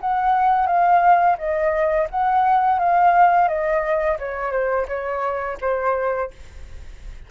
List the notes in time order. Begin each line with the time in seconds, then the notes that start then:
0.00 F#5
0.66 F5
1.38 D#5
2.10 F#5
2.79 F5
3.48 D#5
4.19 C#5
4.52 C5
4.87 C#5
5.61 C5